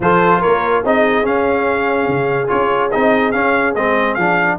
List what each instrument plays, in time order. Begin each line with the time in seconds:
0.00 tuba F3, trombone F4, horn A4, trumpet C5
0.40 tuba A#3, horn A#4, trumpet C#5
0.83 tuba C4, trombone D#4, horn G#4, trumpet D#5
1.23 trombone C#4, tuba C#4, trumpet F5
2.08 tuba C#3
2.47 tuba C#4, trombone F4, trumpet C#5
2.91 tuba C4, trombone D#4, trumpet D#5
3.31 trombone C#4, tuba C#4, trumpet F5
3.75 tuba G#3, trombone C4, trumpet D#5
4.14 tuba F3, trombone D4, trumpet F5